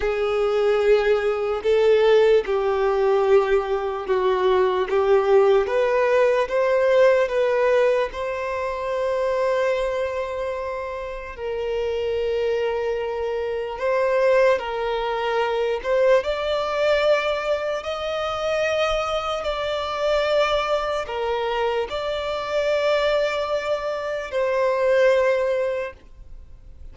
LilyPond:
\new Staff \with { instrumentName = "violin" } { \time 4/4 \tempo 4 = 74 gis'2 a'4 g'4~ | g'4 fis'4 g'4 b'4 | c''4 b'4 c''2~ | c''2 ais'2~ |
ais'4 c''4 ais'4. c''8 | d''2 dis''2 | d''2 ais'4 d''4~ | d''2 c''2 | }